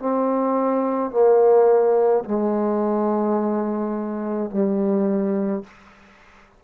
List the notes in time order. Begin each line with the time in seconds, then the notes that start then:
0.00 C4
1.11 A#3
2.25 G#3
4.51 G3